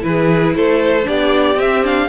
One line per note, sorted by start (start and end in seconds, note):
0.00 0.54 E3
0.00 1.03 E4
0.00 0.54 B4
0.07 0.56 G#4
0.55 1.06 A3
0.55 1.07 A4
0.55 1.07 C5
1.03 1.55 B3
1.03 1.54 D4
1.03 2.09 G4
1.03 1.58 D5
1.55 2.07 C4
1.55 1.83 C4
1.55 1.84 E5
1.83 2.09 D4
1.83 2.09 F5